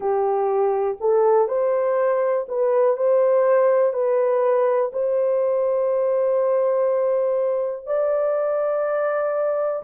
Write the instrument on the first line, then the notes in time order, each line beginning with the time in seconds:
horn
0.00 G4
1.00 A4
1.48 C5
2.48 B4
2.96 C5
3.93 B4
4.92 C5
7.86 D5